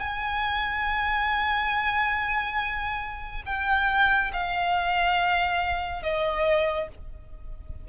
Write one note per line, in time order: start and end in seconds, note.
0.00 3.43 G#5
3.46 4.32 G5
4.33 6.03 F5
6.03 6.88 D#5